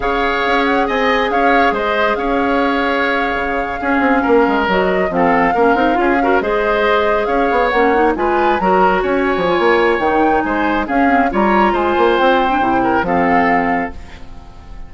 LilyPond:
<<
  \new Staff \with { instrumentName = "flute" } { \time 4/4 \tempo 4 = 138 f''4. fis''8 gis''4 f''4 | dis''4 f''2.~ | f''2~ f''8. dis''4 f''16~ | f''2~ f''8. dis''4~ dis''16~ |
dis''8. f''4 fis''4 gis''4 ais''16~ | ais''8. gis''2~ gis''16 g''4 | gis''4 f''4 ais''4 gis''4 | g''2 f''2 | }
  \new Staff \with { instrumentName = "oboe" } { \time 4/4 cis''2 dis''4 cis''4 | c''4 cis''2.~ | cis''8. gis'4 ais'2 a'16~ | a'8. ais'4 gis'8 ais'8 c''4~ c''16~ |
c''8. cis''2 b'4 ais'16~ | ais'8. cis''2.~ cis''16 | c''4 gis'4 cis''4 c''4~ | c''4. ais'8 a'2 | }
  \new Staff \with { instrumentName = "clarinet" } { \time 4/4 gis'1~ | gis'1~ | gis'8. cis'2 fis'4 c'16~ | c'8. cis'8 dis'8 f'8 fis'8 gis'4~ gis'16~ |
gis'4.~ gis'16 cis'8 dis'8 f'4 fis'16~ | fis'4.~ fis'16 f'4~ f'16 dis'4~ | dis'4 cis'8 c'8 f'2~ | f'8. d'16 e'4 c'2 | }
  \new Staff \with { instrumentName = "bassoon" } { \time 4/4 cis4 cis'4 c'4 cis'4 | gis4 cis'2~ cis'8. cis16~ | cis8. cis'8 c'8 ais8 gis8 fis4 f16~ | f8. ais8 c'8 cis'4 gis4~ gis16~ |
gis8. cis'8 b8 ais4 gis4 fis16~ | fis8. cis'8. f8 ais4 dis4 | gis4 cis'4 g4 gis8 ais8 | c'4 c4 f2 | }
>>